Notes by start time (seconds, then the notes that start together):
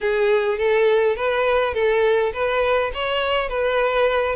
0.00 G#4
0.57 A4
1.15 B4
1.74 A4
2.33 B4
2.94 C#5
3.48 B4